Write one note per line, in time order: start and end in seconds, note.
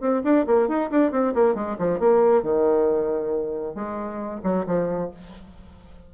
0.00 0.22 C4
0.24 0.46 D4
0.47 0.68 A#3
0.68 0.90 D#4
0.90 1.11 D4
1.11 1.33 C4
1.34 1.54 A#3
1.54 1.76 G#3
1.78 1.99 F3
1.99 2.42 A#3
2.42 3.75 D#3
3.75 4.41 G#3
4.43 4.65 F#3
4.66 5.10 F3